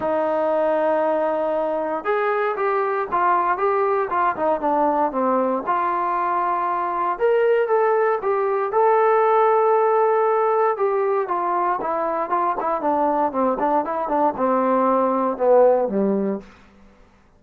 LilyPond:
\new Staff \with { instrumentName = "trombone" } { \time 4/4 \tempo 4 = 117 dis'1 | gis'4 g'4 f'4 g'4 | f'8 dis'8 d'4 c'4 f'4~ | f'2 ais'4 a'4 |
g'4 a'2.~ | a'4 g'4 f'4 e'4 | f'8 e'8 d'4 c'8 d'8 e'8 d'8 | c'2 b4 g4 | }